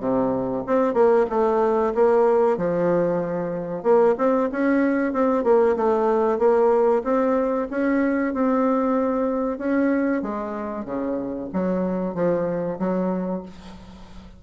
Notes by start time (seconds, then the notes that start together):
0.00 C3
0.67 C4
0.94 A#3
1.30 A3
1.95 A#3
2.57 F3
3.83 A#3
4.18 C4
4.52 C#4
5.13 C4
5.44 A#3
5.76 A3
6.39 A#3
7.04 C4
7.71 C#4
8.34 C4
9.58 C#4
10.22 G#3
10.85 C#3
11.53 F#3
12.15 F3
12.79 F#3